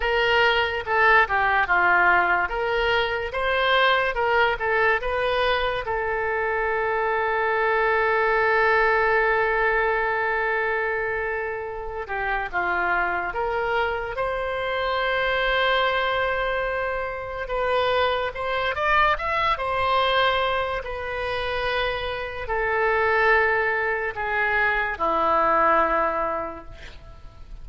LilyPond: \new Staff \with { instrumentName = "oboe" } { \time 4/4 \tempo 4 = 72 ais'4 a'8 g'8 f'4 ais'4 | c''4 ais'8 a'8 b'4 a'4~ | a'1~ | a'2~ a'8 g'8 f'4 |
ais'4 c''2.~ | c''4 b'4 c''8 d''8 e''8 c''8~ | c''4 b'2 a'4~ | a'4 gis'4 e'2 | }